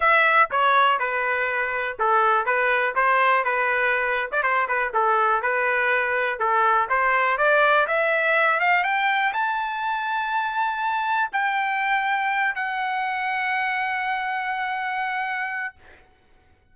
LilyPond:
\new Staff \with { instrumentName = "trumpet" } { \time 4/4 \tempo 4 = 122 e''4 cis''4 b'2 | a'4 b'4 c''4 b'4~ | b'8. d''16 c''8 b'8 a'4 b'4~ | b'4 a'4 c''4 d''4 |
e''4. f''8 g''4 a''4~ | a''2. g''4~ | g''4. fis''2~ fis''8~ | fis''1 | }